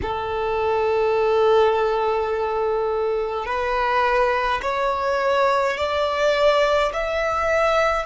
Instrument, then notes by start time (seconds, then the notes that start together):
violin
0.02 A4
3.45 B4
4.62 C#5
5.77 D5
6.93 E5